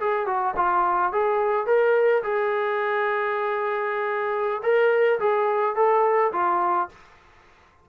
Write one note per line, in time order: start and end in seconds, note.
0.00 0.27 G#4
0.27 0.55 F#4
0.57 1.12 F4
1.12 1.67 G#4
1.67 2.23 A#4
2.24 4.62 G#4
4.63 5.19 A#4
5.20 5.76 G#4
5.76 6.32 A4
6.33 6.89 F4